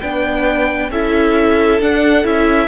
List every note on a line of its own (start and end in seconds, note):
0.00 0.90 B3
0.00 0.91 D4
0.00 0.90 B4
0.00 0.90 G5
0.90 1.79 C#4
0.90 1.81 E4
0.90 2.68 A4
0.90 1.81 E5
1.79 2.24 D4
1.79 2.26 F#5
2.24 2.68 C#4
2.24 2.68 E4
2.24 2.68 E5